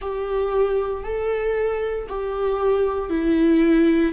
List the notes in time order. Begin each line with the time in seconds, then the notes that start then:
0.00 G4
1.03 A4
2.08 G4
3.09 E4